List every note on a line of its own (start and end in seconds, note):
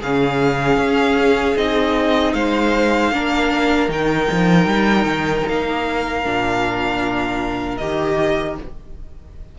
0.00 0.77 C#3
0.00 1.57 C#4
0.00 2.34 G#4
0.00 1.57 F5
0.77 1.55 C#4
1.56 2.34 C4
1.56 3.13 D#4
1.56 2.34 D#5
2.34 3.11 G#3
2.34 3.13 C5
2.34 3.89 F5
3.11 3.89 A#3
3.11 3.89 D4
3.11 8.58 A#4
3.89 4.28 D#3
3.89 6.23 D#4
3.89 5.48 G5
4.32 4.66 F3
4.66 5.05 G3
5.05 5.44 D#3
5.48 6.25 A#3
5.48 7.77 F5
6.24 7.80 A#2
6.24 7.80 D4
7.77 8.58 D#3
7.77 8.59 G4
7.77 8.55 D#5